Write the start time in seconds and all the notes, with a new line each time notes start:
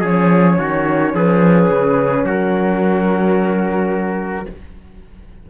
0.00 F3 C#4 G#4 C#5
0.58 D#3 F#4
1.14 F3 G#4 B4
1.69 C#3
2.24 F#3 F#4 A#4